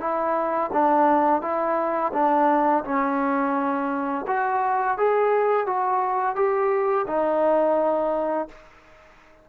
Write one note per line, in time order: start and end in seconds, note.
0.00 0.71 E4
0.73 1.41 D4
1.41 2.12 E4
2.13 2.84 D4
2.85 4.26 C#4
4.27 4.98 F#4
4.98 5.67 G#4
5.67 6.36 F#4
6.36 7.06 G4
7.07 8.49 D#4